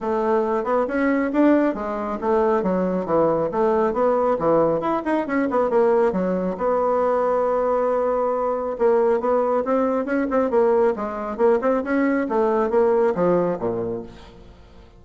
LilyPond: \new Staff \with { instrumentName = "bassoon" } { \time 4/4 \tempo 4 = 137 a4. b8 cis'4 d'4 | gis4 a4 fis4 e4 | a4 b4 e4 e'8 dis'8 | cis'8 b8 ais4 fis4 b4~ |
b1 | ais4 b4 c'4 cis'8 c'8 | ais4 gis4 ais8 c'8 cis'4 | a4 ais4 f4 ais,4 | }